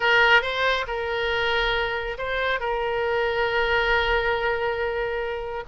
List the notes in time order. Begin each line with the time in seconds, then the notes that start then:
0.00 A#4
0.42 C5
0.87 A#4
2.18 C5
2.59 A#4